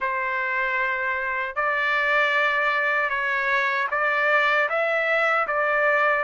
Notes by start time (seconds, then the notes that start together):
0.00 C5
1.55 D5
3.09 C#5
3.91 D5
4.69 E5
5.47 D5